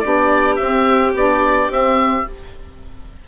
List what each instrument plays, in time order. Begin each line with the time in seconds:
0.00 bassoon B3, saxophone D4, violin G4, oboe D5
0.56 bassoon C4, saxophone C4, oboe E5
1.14 bassoon B3, saxophone D4, oboe D5
1.69 bassoon C4, saxophone C4, oboe E5